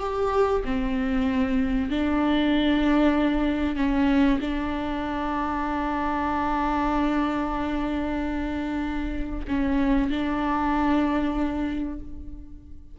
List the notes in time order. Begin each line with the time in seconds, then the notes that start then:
0.00 G4
0.65 C4
1.90 D4
3.77 C#4
4.42 D4
9.48 C#4
10.11 D4